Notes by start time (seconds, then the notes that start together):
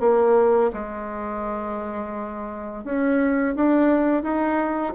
0.00 A#3
0.73 G#3
2.84 C#4
3.56 D4
4.23 D#4